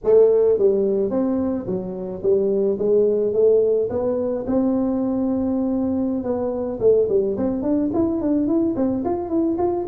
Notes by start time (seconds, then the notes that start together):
0.04 A3
0.58 G3
1.10 C4
1.66 F#3
2.22 G3
2.78 G#3
3.33 A3
3.89 B3
4.46 C4
6.23 B3
6.80 A3
7.09 G3
7.37 C4
7.62 D4
7.93 E4
8.21 D4
8.47 E4
8.76 C4
9.04 F4
9.29 E4
9.58 F4